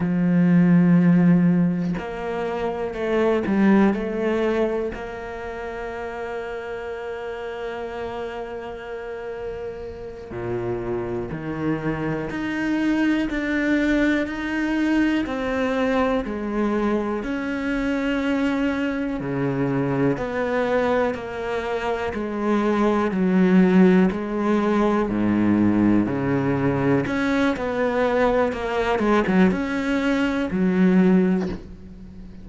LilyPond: \new Staff \with { instrumentName = "cello" } { \time 4/4 \tempo 4 = 61 f2 ais4 a8 g8 | a4 ais2.~ | ais2~ ais8 ais,4 dis8~ | dis8 dis'4 d'4 dis'4 c'8~ |
c'8 gis4 cis'2 cis8~ | cis8 b4 ais4 gis4 fis8~ | fis8 gis4 gis,4 cis4 cis'8 | b4 ais8 gis16 fis16 cis'4 fis4 | }